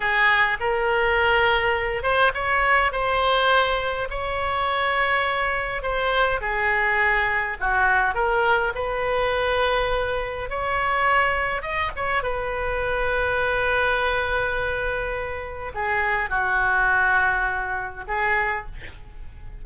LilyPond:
\new Staff \with { instrumentName = "oboe" } { \time 4/4 \tempo 4 = 103 gis'4 ais'2~ ais'8 c''8 | cis''4 c''2 cis''4~ | cis''2 c''4 gis'4~ | gis'4 fis'4 ais'4 b'4~ |
b'2 cis''2 | dis''8 cis''8 b'2.~ | b'2. gis'4 | fis'2. gis'4 | }